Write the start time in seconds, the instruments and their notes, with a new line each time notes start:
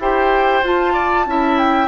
0.00 bassoon E4, clarinet G4, oboe C5, flute G5
0.64 clarinet F4, bassoon F4, flute A5
0.94 oboe D5
1.26 bassoon C#4, clarinet E4, oboe E5
1.59 flute G5